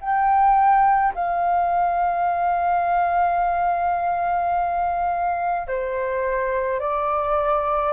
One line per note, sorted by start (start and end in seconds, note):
0.00 1.13 G5
1.14 5.67 F5
5.67 6.80 C5
6.80 7.92 D5